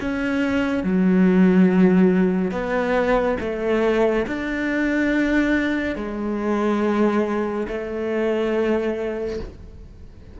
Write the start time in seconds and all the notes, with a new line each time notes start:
0.00 C#4
0.83 F#3
2.51 B3
3.40 A3
4.27 D4
5.95 G#3
7.68 A3